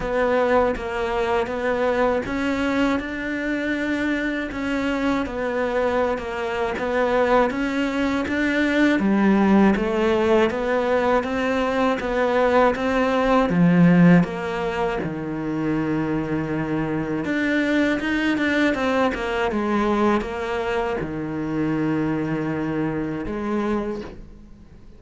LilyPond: \new Staff \with { instrumentName = "cello" } { \time 4/4 \tempo 4 = 80 b4 ais4 b4 cis'4 | d'2 cis'4 b4~ | b16 ais8. b4 cis'4 d'4 | g4 a4 b4 c'4 |
b4 c'4 f4 ais4 | dis2. d'4 | dis'8 d'8 c'8 ais8 gis4 ais4 | dis2. gis4 | }